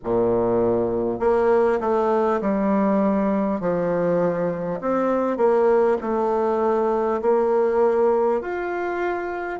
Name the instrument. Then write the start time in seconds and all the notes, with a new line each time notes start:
bassoon
0.04 A#2
1.19 A#3
1.80 A3
2.41 G3
3.60 F3
4.81 C4
5.37 A#3
6.01 A3
7.21 A#3
8.41 F4